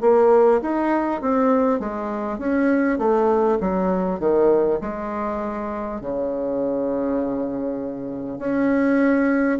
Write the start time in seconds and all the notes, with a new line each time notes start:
0.00 A#3
0.61 D#4
1.21 C4
1.79 G#3
2.38 C#4
2.98 A3
3.60 F#3
4.19 D#3
4.81 G#3
6.01 C#3
8.38 C#4